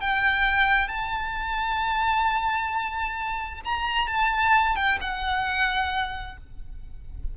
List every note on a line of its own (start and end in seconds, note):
0.00 0.88 G5
0.88 3.61 A5
3.64 4.07 A#5
4.07 4.75 A5
4.75 4.98 G5
5.00 6.37 F#5